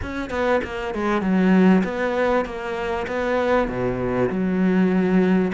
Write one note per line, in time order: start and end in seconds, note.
0.01 0.30 C#4
0.30 0.60 B3
0.64 0.94 A#3
0.94 1.21 G#3
1.21 1.82 F#3
1.84 2.45 B3
2.45 3.06 A#3
3.07 3.68 B3
3.68 4.29 B2
4.29 5.52 F#3